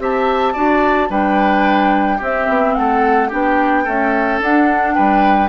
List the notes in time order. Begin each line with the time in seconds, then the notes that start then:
0.00 C4 G4 E5 A5
0.54 D4 F#4 D5
1.09 G3 D4 B4 G5
2.18 C4 G4 E5
2.49 B3
2.75 A3 A4 F#5
3.29 B3 D4 G4 G5
3.85 A3 C#4 A4
4.40 D4 F#5
4.94 G3 B4 G5